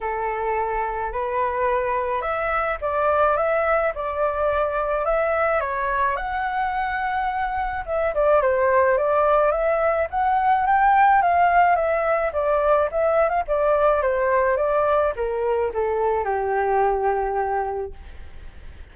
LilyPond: \new Staff \with { instrumentName = "flute" } { \time 4/4 \tempo 4 = 107 a'2 b'2 | e''4 d''4 e''4 d''4~ | d''4 e''4 cis''4 fis''4~ | fis''2 e''8 d''8 c''4 |
d''4 e''4 fis''4 g''4 | f''4 e''4 d''4 e''8. f''16 | d''4 c''4 d''4 ais'4 | a'4 g'2. | }